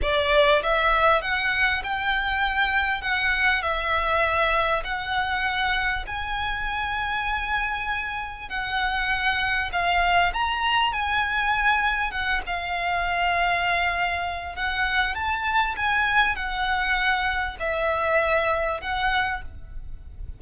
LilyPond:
\new Staff \with { instrumentName = "violin" } { \time 4/4 \tempo 4 = 99 d''4 e''4 fis''4 g''4~ | g''4 fis''4 e''2 | fis''2 gis''2~ | gis''2 fis''2 |
f''4 ais''4 gis''2 | fis''8 f''2.~ f''8 | fis''4 a''4 gis''4 fis''4~ | fis''4 e''2 fis''4 | }